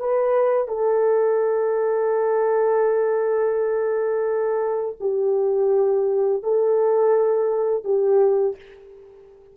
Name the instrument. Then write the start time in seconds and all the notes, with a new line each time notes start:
horn
0.00 B4
0.68 A4
5.00 G4
6.43 A4
7.84 G4